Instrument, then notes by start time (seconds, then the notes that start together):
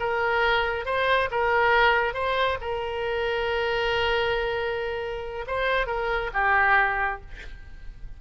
oboe
0.00 A#4
0.86 C5
1.31 A#4
2.14 C5
2.61 A#4
5.47 C5
5.87 A#4
6.33 G4